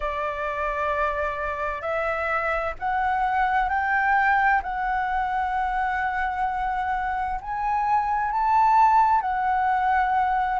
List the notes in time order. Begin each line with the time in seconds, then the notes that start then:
0.00 D5
1.81 E5
2.79 F#5
3.69 G5
4.62 F#5
7.41 G#5
8.31 A5
9.21 F#5